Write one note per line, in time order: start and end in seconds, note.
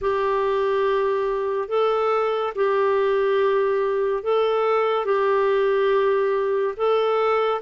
0.01 1.68 G4
1.68 2.53 A4
2.55 4.23 G4
4.23 5.05 A4
5.05 6.74 G4
6.76 7.61 A4